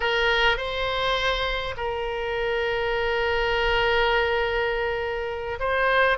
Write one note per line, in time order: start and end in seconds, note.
0.00 0.57 A#4
0.57 1.75 C5
1.76 5.59 A#4
5.59 6.18 C5